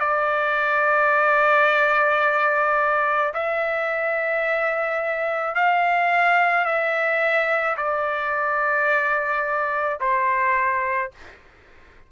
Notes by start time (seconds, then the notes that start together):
0.00 D5
3.34 E5
5.55 F5
6.65 E5
7.77 D5
10.01 C5